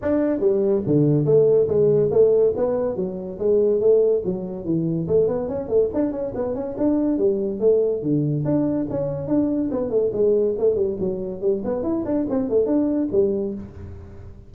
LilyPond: \new Staff \with { instrumentName = "tuba" } { \time 4/4 \tempo 4 = 142 d'4 g4 d4 a4 | gis4 a4 b4 fis4 | gis4 a4 fis4 e4 | a8 b8 cis'8 a8 d'8 cis'8 b8 cis'8 |
d'4 g4 a4 d4 | d'4 cis'4 d'4 b8 a8 | gis4 a8 g8 fis4 g8 b8 | e'8 d'8 c'8 a8 d'4 g4 | }